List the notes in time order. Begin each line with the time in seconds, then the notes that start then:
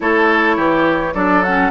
0.00 A3 E4 A4 C#5
0.56 E3 G4
1.14 F#3 D4 A4 D5
1.43 C#4 F#5